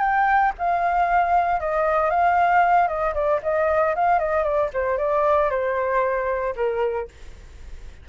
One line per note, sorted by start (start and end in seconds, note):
0.00 0.52 G5
0.58 1.60 F5
1.60 2.10 D#5
2.10 2.88 F5
2.88 3.14 D#5
3.14 3.40 D5
3.43 3.95 D#5
3.95 4.19 F5
4.19 4.43 D#5
4.43 4.69 D5
4.73 4.98 C5
4.98 5.50 D5
5.50 6.55 C5
6.56 7.08 A#4